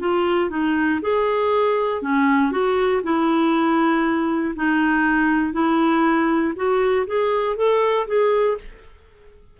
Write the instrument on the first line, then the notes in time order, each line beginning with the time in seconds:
clarinet
0.00 F4
0.50 D#4
1.01 G#4
2.02 C#4
2.51 F#4
3.03 E4
4.55 D#4
5.53 E4
6.56 F#4
7.06 G#4
7.56 A4
8.07 G#4